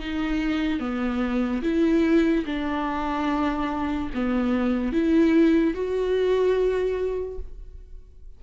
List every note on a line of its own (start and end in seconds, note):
0.00 0.80 D#4
0.80 1.62 B3
1.63 2.45 E4
2.46 4.10 D4
4.14 4.93 B3
4.93 5.74 E4
5.74 7.39 F#4